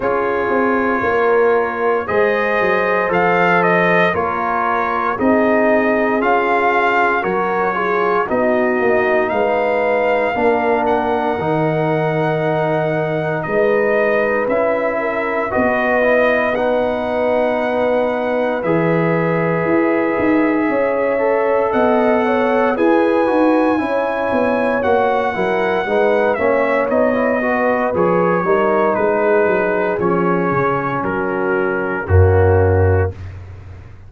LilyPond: <<
  \new Staff \with { instrumentName = "trumpet" } { \time 4/4 \tempo 4 = 58 cis''2 dis''4 f''8 dis''8 | cis''4 dis''4 f''4 cis''4 | dis''4 f''4. fis''4.~ | fis''4 dis''4 e''4 dis''4 |
fis''2 e''2~ | e''4 fis''4 gis''2 | fis''4. e''8 dis''4 cis''4 | b'4 cis''4 ais'4 fis'4 | }
  \new Staff \with { instrumentName = "horn" } { \time 4/4 gis'4 ais'4 c''2 | ais'4 gis'2 ais'8 gis'8 | fis'4 b'4 ais'2~ | ais'4 b'4. ais'8 b'4~ |
b'1 | cis''4 dis''8 cis''8 b'4 cis''4~ | cis''8 ais'8 b'8 cis''4 b'4 ais'8 | gis'2 fis'4 cis'4 | }
  \new Staff \with { instrumentName = "trombone" } { \time 4/4 f'2 gis'4 a'4 | f'4 dis'4 f'4 fis'8 f'8 | dis'2 d'4 dis'4~ | dis'2 e'4 fis'8 e'8 |
dis'2 gis'2~ | gis'8 a'4. gis'8 fis'8 e'4 | fis'8 e'8 dis'8 cis'8 dis'16 e'16 fis'8 gis'8 dis'8~ | dis'4 cis'2 ais4 | }
  \new Staff \with { instrumentName = "tuba" } { \time 4/4 cis'8 c'8 ais4 gis8 fis8 f4 | ais4 c'4 cis'4 fis4 | b8 ais8 gis4 ais4 dis4~ | dis4 gis4 cis'4 b4~ |
b2 e4 e'8 dis'8 | cis'4 b4 e'8 dis'8 cis'8 b8 | ais8 fis8 gis8 ais8 b4 f8 g8 | gis8 fis8 f8 cis8 fis4 fis,4 | }
>>